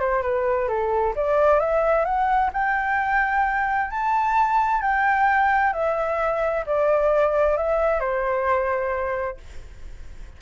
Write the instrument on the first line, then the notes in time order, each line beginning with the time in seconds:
flute
0.00 C5
0.22 B4
0.69 A4
1.16 D5
1.60 E5
2.05 F#5
2.53 G5
3.91 A5
4.82 G5
5.73 E5
6.66 D5
7.57 E5
8.00 C5